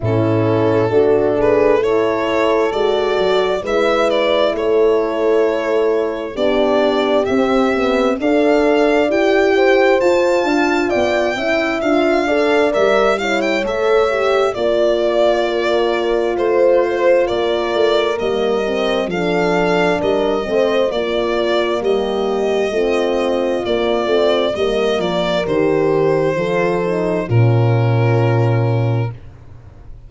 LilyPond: <<
  \new Staff \with { instrumentName = "violin" } { \time 4/4 \tempo 4 = 66 a'4. b'8 cis''4 d''4 | e''8 d''8 cis''2 d''4 | e''4 f''4 g''4 a''4 | g''4 f''4 e''8 f''16 g''16 e''4 |
d''2 c''4 d''4 | dis''4 f''4 dis''4 d''4 | dis''2 d''4 dis''8 d''8 | c''2 ais'2 | }
  \new Staff \with { instrumentName = "horn" } { \time 4/4 e'4 fis'8 gis'8 a'2 | b'4 a'2 g'4~ | g'4 d''4. c''4 f''8 | d''8 e''4 d''4 cis''4. |
d''4 ais'4 c''4 ais'4~ | ais'4 a'4 ais'8 c''8 f'4 | g'4 f'2 ais'4~ | ais'4 a'4 f'2 | }
  \new Staff \with { instrumentName = "horn" } { \time 4/4 cis'4 d'4 e'4 fis'4 | e'2. d'4 | c'8 b8 a'4 g'4 f'4~ | f'8 e'8 f'8 a'8 ais'8 e'8 a'8 g'8 |
f'1 | ais8 c'8 d'4. c'8 ais4~ | ais4 c'4 ais8 c'8 ais4 | g'4 f'8 dis'8 cis'2 | }
  \new Staff \with { instrumentName = "tuba" } { \time 4/4 a,4 a2 gis8 fis8 | gis4 a2 b4 | c'4 d'4 e'4 f'8 d'8 | b8 cis'8 d'4 g4 a4 |
ais2 a4 ais8 a8 | g4 f4 g8 a8 ais4 | g4 a4 ais8 a8 g8 f8 | dis4 f4 ais,2 | }
>>